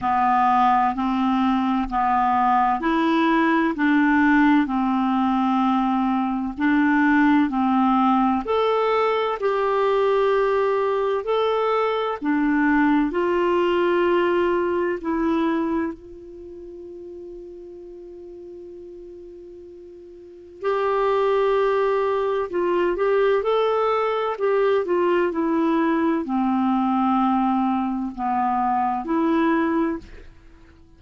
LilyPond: \new Staff \with { instrumentName = "clarinet" } { \time 4/4 \tempo 4 = 64 b4 c'4 b4 e'4 | d'4 c'2 d'4 | c'4 a'4 g'2 | a'4 d'4 f'2 |
e'4 f'2.~ | f'2 g'2 | f'8 g'8 a'4 g'8 f'8 e'4 | c'2 b4 e'4 | }